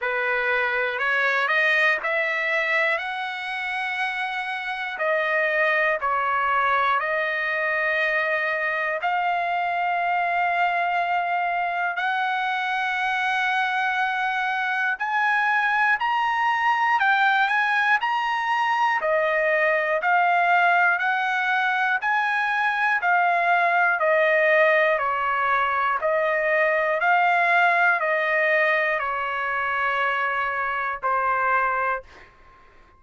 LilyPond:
\new Staff \with { instrumentName = "trumpet" } { \time 4/4 \tempo 4 = 60 b'4 cis''8 dis''8 e''4 fis''4~ | fis''4 dis''4 cis''4 dis''4~ | dis''4 f''2. | fis''2. gis''4 |
ais''4 g''8 gis''8 ais''4 dis''4 | f''4 fis''4 gis''4 f''4 | dis''4 cis''4 dis''4 f''4 | dis''4 cis''2 c''4 | }